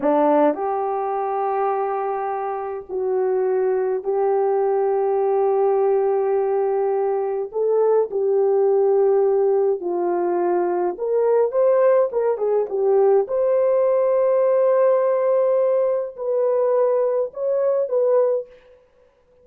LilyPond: \new Staff \with { instrumentName = "horn" } { \time 4/4 \tempo 4 = 104 d'4 g'2.~ | g'4 fis'2 g'4~ | g'1~ | g'4 a'4 g'2~ |
g'4 f'2 ais'4 | c''4 ais'8 gis'8 g'4 c''4~ | c''1 | b'2 cis''4 b'4 | }